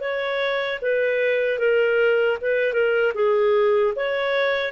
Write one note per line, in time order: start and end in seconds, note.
0.00 0.79 C#5
0.81 1.58 B4
1.58 2.37 A#4
2.41 2.73 B4
2.73 3.12 A#4
3.14 3.93 G#4
3.95 4.72 C#5